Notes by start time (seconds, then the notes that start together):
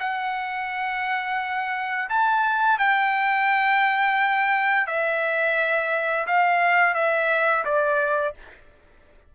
0.00 F#5
2.10 A5
2.79 G5
4.87 E5
6.27 F5
6.95 E5
7.65 D5